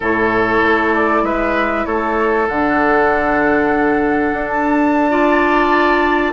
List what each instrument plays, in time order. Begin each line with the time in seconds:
0.00 bassoon A2, clarinet E4, oboe A4, flute C#5
0.62 bassoon A3
0.94 flute D5
1.23 bassoon G#3, oboe B4, flute E5
1.85 bassoon A3, oboe A4, flute C#5
2.48 bassoon D3, clarinet D4, flute F#5
4.32 bassoon D4
4.47 flute A5
5.09 clarinet F4, oboe D5